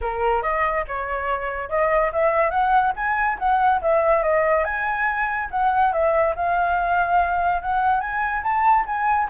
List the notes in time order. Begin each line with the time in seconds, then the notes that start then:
0.01 A#4
0.42 D#5
0.87 C#5
1.69 D#5
2.12 E5
2.50 F#5
2.96 G#5
3.38 F#5
3.81 E5
4.23 D#5
4.64 G#5
5.50 F#5
5.92 E5
6.35 F5
7.62 F#5
8.00 G#5
8.43 A5
8.86 G#5